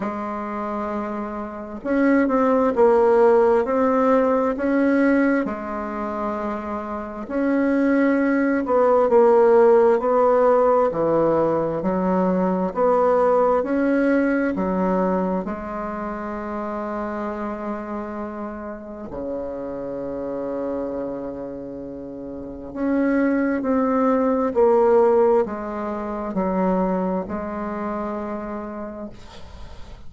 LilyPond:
\new Staff \with { instrumentName = "bassoon" } { \time 4/4 \tempo 4 = 66 gis2 cis'8 c'8 ais4 | c'4 cis'4 gis2 | cis'4. b8 ais4 b4 | e4 fis4 b4 cis'4 |
fis4 gis2.~ | gis4 cis2.~ | cis4 cis'4 c'4 ais4 | gis4 fis4 gis2 | }